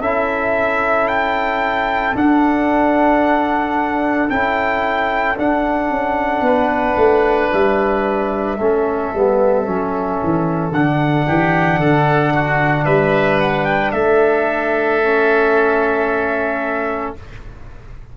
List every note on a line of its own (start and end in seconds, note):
0.00 2.14 C#4
0.00 2.14 E4
0.00 6.43 A4
0.00 1.08 E5
1.08 2.15 G5
2.14 4.28 D4
2.14 4.29 D4
2.14 4.29 F#5
4.29 5.37 C#4
4.29 5.36 E4
4.29 5.37 G5
5.37 8.58 D4
5.37 5.89 D4
5.37 7.52 F#5
5.89 6.41 C#4
6.41 6.94 B3
6.41 8.58 B4
6.96 7.50 A3
7.52 8.58 G3
7.52 10.73 E5
8.58 9.12 A3
8.58 9.14 C#4
8.58 11.25 A4
9.13 9.67 G3
9.13 9.65 B3
9.65 10.20 F#3
9.65 10.72 C#4
10.23 10.71 E3
10.71 11.24 D3
10.71 15.02 D4
10.71 12.85 F#5
11.25 11.79 E3
11.25 11.79 G4
11.79 12.86 D3
11.79 12.33 A4
12.33 12.84 F#4
12.84 13.92 G3
12.84 13.91 B4
12.84 13.38 E5
13.39 13.65 F#5
13.65 13.91 G5
13.92 17.14 A3
13.92 17.15 A4
13.92 17.13 E5
15.02 17.17 C#4